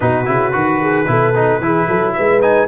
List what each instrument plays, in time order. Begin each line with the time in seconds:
0.00 tuba B2, trombone D#4, horn F#4, trumpet B4
0.25 tuba C#3, trombone E4
0.51 tuba D#3, trombone F#4
0.80 horn G#4
1.07 tuba B2, trombone E4, horn A4
1.34 trombone D#4
1.60 tuba E3, trombone E4, horn G#4
1.87 tuba F#3, horn A4
2.13 tuba G#3, horn B4, trumpet E5
2.41 trombone D#4, trumpet G#5